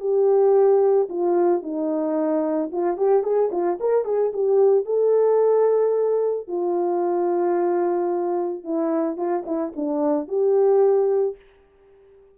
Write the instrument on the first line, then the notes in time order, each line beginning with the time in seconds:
horn
0.00 G4
1.09 F4
1.62 D#4
2.72 F4
2.97 G4
3.23 G#4
3.52 F4
3.80 A#4
4.05 G#4
4.33 G4
4.85 A4
6.48 F4
8.64 E4
9.17 F4
9.46 E4
9.76 D4
10.28 G4